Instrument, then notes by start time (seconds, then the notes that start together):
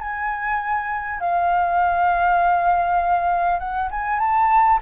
flute
0.00 G#5
1.20 F5
3.59 F#5
3.91 G#5
4.19 A5